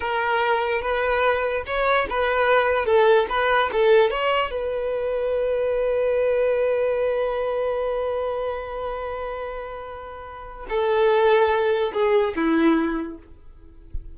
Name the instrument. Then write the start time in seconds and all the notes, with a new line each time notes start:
violin
0.00 A#4
0.81 B4
1.66 C#5
2.09 B4
2.85 A4
3.29 B4
3.72 A4
4.10 C#5
4.50 B4
10.69 A4
11.93 G#4
12.35 E4